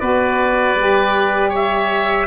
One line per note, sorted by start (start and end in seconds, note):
0.00 0.75 B3
0.00 0.77 F#4
0.00 1.50 B4
0.00 1.52 D5
0.75 2.27 G3
0.75 2.27 G4
1.50 2.26 C#5
1.50 2.27 E5